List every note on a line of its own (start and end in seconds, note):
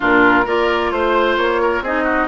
0.00 0.46 A#2
0.00 0.44 D4
0.00 0.45 F4
0.00 0.48 A#4
0.45 0.91 A#3
0.45 1.84 F4
0.45 0.90 A#4
0.45 0.91 D5
0.91 1.37 A3
0.91 1.37 C5
0.91 1.61 C5
1.37 1.81 A#3
1.37 1.83 C#5
1.61 1.83 A#4
1.81 2.27 C4
1.81 2.27 D#4
1.81 2.03 G#4
1.81 2.27 D#5
2.03 2.26 F#4